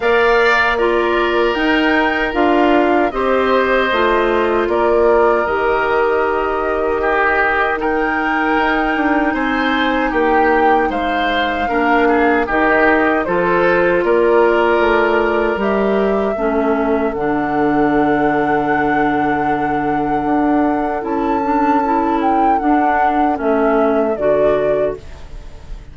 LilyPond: <<
  \new Staff \with { instrumentName = "flute" } { \time 4/4 \tempo 4 = 77 f''4 d''4 g''4 f''4 | dis''2 d''4 dis''4~ | dis''2 g''2 | gis''4 g''4 f''2 |
dis''4 c''4 d''2 | e''2 fis''2~ | fis''2. a''4~ | a''8 g''8 fis''4 e''4 d''4 | }
  \new Staff \with { instrumentName = "oboe" } { \time 4/4 d''4 ais'2. | c''2 ais'2~ | ais'4 g'4 ais'2 | c''4 g'4 c''4 ais'8 gis'8 |
g'4 a'4 ais'2~ | ais'4 a'2.~ | a'1~ | a'1 | }
  \new Staff \with { instrumentName = "clarinet" } { \time 4/4 ais'4 f'4 dis'4 f'4 | g'4 f'2 g'4~ | g'2 dis'2~ | dis'2. d'4 |
dis'4 f'2. | g'4 cis'4 d'2~ | d'2. e'8 d'8 | e'4 d'4 cis'4 fis'4 | }
  \new Staff \with { instrumentName = "bassoon" } { \time 4/4 ais2 dis'4 d'4 | c'4 a4 ais4 dis4~ | dis2. dis'8 d'8 | c'4 ais4 gis4 ais4 |
dis4 f4 ais4 a4 | g4 a4 d2~ | d2 d'4 cis'4~ | cis'4 d'4 a4 d4 | }
>>